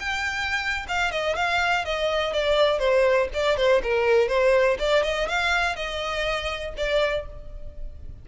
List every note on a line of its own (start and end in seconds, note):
0.00 0.86 G5
0.88 1.12 F5
1.12 1.36 D#5
1.36 1.85 F5
1.85 2.33 D#5
2.33 2.79 D5
2.79 3.28 C5
3.34 3.57 D5
3.57 3.82 C5
3.83 4.28 A#4
4.28 4.77 C5
4.79 5.03 D5
5.03 5.28 D#5
5.28 5.76 F5
5.76 6.74 D#5
6.77 7.26 D5